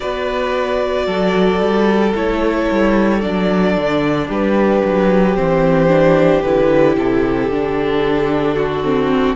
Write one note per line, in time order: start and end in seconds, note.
0.00 1.06 B3
0.00 2.13 F#4
0.00 1.06 B4
0.00 2.13 D5
1.06 1.60 F#3
1.06 4.27 A4
1.60 2.13 G3
2.14 2.68 A3
2.14 3.20 E4
2.14 3.21 C#5
2.71 3.24 G3
3.20 3.76 F#3
3.20 5.35 D4
3.20 4.28 D5
3.76 4.28 D3
4.27 4.82 G3
4.27 8.55 G4
4.27 5.36 B4
4.85 5.37 F#3
5.35 6.43 E3
5.35 5.88 C4
5.35 6.42 C5
5.88 6.42 D4
6.42 6.96 D3
6.42 7.51 E4
6.42 6.95 B4
6.96 7.49 C3
6.96 9.35 A4
7.49 9.35 D3
7.49 8.84 D4
8.55 9.35 F#4
8.84 9.35 C4